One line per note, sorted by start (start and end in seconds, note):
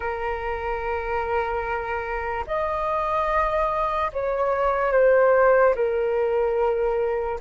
0.00 2.44 A#4
2.46 4.11 D#5
4.12 4.92 C#5
4.92 5.74 C5
5.75 7.39 A#4